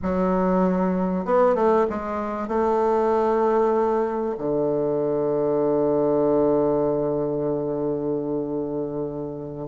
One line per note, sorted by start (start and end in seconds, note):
0.02 1.25 F#3
1.25 1.55 B3
1.55 1.86 A3
1.89 2.47 G#3
2.47 4.35 A3
4.38 9.68 D3